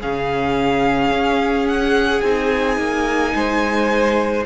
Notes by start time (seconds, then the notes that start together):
0.00 C#3 C#4 G#4 F5
1.10 C#4
1.67 F#5
2.21 C4 D#4 G#5
2.77 A#3
3.34 G#3 C5